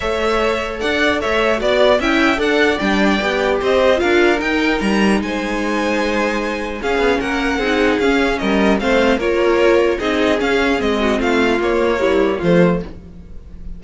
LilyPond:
<<
  \new Staff \with { instrumentName = "violin" } { \time 4/4 \tempo 4 = 150 e''2 fis''4 e''4 | d''4 g''4 fis''4 g''4~ | g''4 dis''4 f''4 g''4 | ais''4 gis''2.~ |
gis''4 f''4 fis''2 | f''4 dis''4 f''4 cis''4~ | cis''4 dis''4 f''4 dis''4 | f''4 cis''2 c''4 | }
  \new Staff \with { instrumentName = "violin" } { \time 4/4 cis''2 d''4 cis''4 | d''4 e''4 d''2~ | d''4 c''4 ais'2~ | ais'4 c''2.~ |
c''4 gis'4 ais'4 gis'4~ | gis'4 ais'4 c''4 ais'4~ | ais'4 gis'2~ gis'8 fis'8 | f'2 e'4 f'4 | }
  \new Staff \with { instrumentName = "viola" } { \time 4/4 a'1 | fis'4 e'4 a'4 d'4 | g'2 f'4 dis'4~ | dis'1~ |
dis'4 cis'2 dis'4 | cis'2 c'4 f'4~ | f'4 dis'4 cis'4 c'4~ | c'4 ais4 g4 a4 | }
  \new Staff \with { instrumentName = "cello" } { \time 4/4 a2 d'4 a4 | b4 cis'4 d'4 g4 | b4 c'4 d'4 dis'4 | g4 gis2.~ |
gis4 cis'8 b8 ais4 c'4 | cis'4 g4 a4 ais4~ | ais4 c'4 cis'4 gis4 | a4 ais2 f4 | }
>>